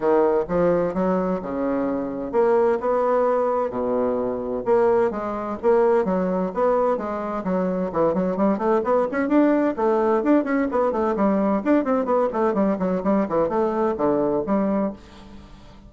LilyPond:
\new Staff \with { instrumentName = "bassoon" } { \time 4/4 \tempo 4 = 129 dis4 f4 fis4 cis4~ | cis4 ais4 b2 | b,2 ais4 gis4 | ais4 fis4 b4 gis4 |
fis4 e8 fis8 g8 a8 b8 cis'8 | d'4 a4 d'8 cis'8 b8 a8 | g4 d'8 c'8 b8 a8 g8 fis8 | g8 e8 a4 d4 g4 | }